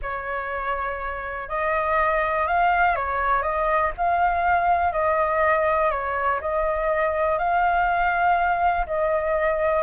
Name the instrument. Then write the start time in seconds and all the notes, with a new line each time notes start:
flute
0.01 C#5
1.48 D#5
2.47 F5
2.95 C#5
3.42 D#5
3.97 F5
4.92 D#5
5.90 C#5
6.40 D#5
7.38 F5
8.86 D#5